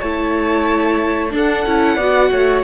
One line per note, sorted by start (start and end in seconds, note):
0.00 1.33 A3
0.00 1.30 E4
0.00 1.32 C#5
0.00 1.32 A5
1.30 1.63 D4
1.30 1.66 D4
1.30 1.96 A4
1.38 2.64 F#5
1.66 1.97 C#4
1.66 1.99 E4
1.96 2.30 B3
1.96 2.64 F#4
1.96 2.29 D5
2.31 2.64 A3
2.31 2.64 C#5